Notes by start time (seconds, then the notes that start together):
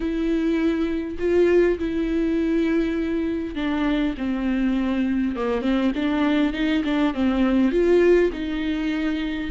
0.00 E4
1.19 F4
1.78 E4
3.55 D4
4.17 C4
5.36 A#3
5.61 C4
5.95 D4
6.53 D#4
6.84 D4
7.14 C4
7.71 F4
8.32 D#4